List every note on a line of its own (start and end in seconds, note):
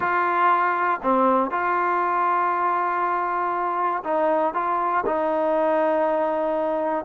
0.00 1.00 F4
1.02 1.51 C4
1.51 4.03 F4
4.04 4.54 D#4
4.54 5.04 F4
5.06 7.05 D#4